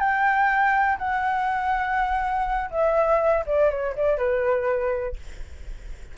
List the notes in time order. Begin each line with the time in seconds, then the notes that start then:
0.00 G5
0.98 F#5
2.71 E5
3.46 D5
3.71 C#5
3.96 D5
4.18 B4